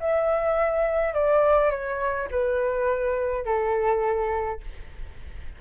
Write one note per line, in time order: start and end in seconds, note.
0.00 1.14 E5
1.14 1.71 D5
1.71 2.29 C#5
2.31 3.45 B4
3.45 4.60 A4